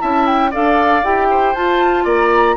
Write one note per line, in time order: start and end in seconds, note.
0.00 0.55 C#4
0.00 0.51 E4
0.00 0.51 E5
0.00 0.27 A5
0.27 0.53 G5
0.51 1.04 D4
0.51 1.04 A4
0.51 1.28 D5
0.51 1.04 F5
1.04 1.55 E4
1.04 1.56 G4
1.04 1.55 G5
1.31 2.05 C5
1.55 2.05 F4
1.55 2.58 F4
1.55 2.06 A5
2.05 2.57 A#3
2.05 2.56 D5
2.05 2.58 A#5